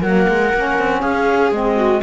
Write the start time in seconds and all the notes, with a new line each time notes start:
0.00 F#3 A#3 A#4 F#5
0.28 G#3
0.54 A#3 C#4
0.79 C4
1.00 C#4 G#4 F5
1.51 G#3 C4 D#5
1.76 F#4